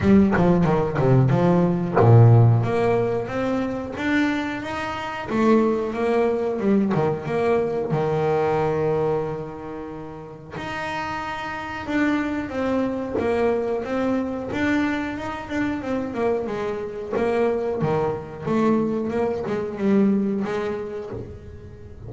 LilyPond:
\new Staff \with { instrumentName = "double bass" } { \time 4/4 \tempo 4 = 91 g8 f8 dis8 c8 f4 ais,4 | ais4 c'4 d'4 dis'4 | a4 ais4 g8 dis8 ais4 | dis1 |
dis'2 d'4 c'4 | ais4 c'4 d'4 dis'8 d'8 | c'8 ais8 gis4 ais4 dis4 | a4 ais8 gis8 g4 gis4 | }